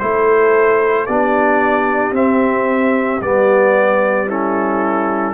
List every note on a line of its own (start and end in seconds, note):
0.00 1.09 A3
0.00 1.08 E4
0.00 1.06 A4
0.00 1.07 C5
1.06 2.12 B3
1.06 2.14 D4
1.06 4.27 G4
1.06 2.14 D5
2.12 3.19 C4
2.12 3.21 C4
2.12 3.22 E5
3.22 5.34 G3
3.22 4.29 B3
3.22 4.29 D5
4.27 5.34 C#4
4.27 5.34 E4
4.27 5.34 A4